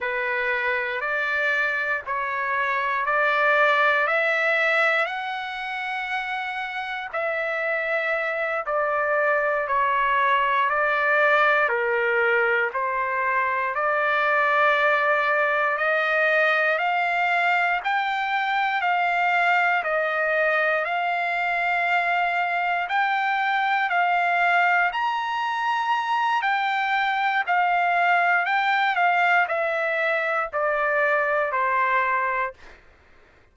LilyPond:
\new Staff \with { instrumentName = "trumpet" } { \time 4/4 \tempo 4 = 59 b'4 d''4 cis''4 d''4 | e''4 fis''2 e''4~ | e''8 d''4 cis''4 d''4 ais'8~ | ais'8 c''4 d''2 dis''8~ |
dis''8 f''4 g''4 f''4 dis''8~ | dis''8 f''2 g''4 f''8~ | f''8 ais''4. g''4 f''4 | g''8 f''8 e''4 d''4 c''4 | }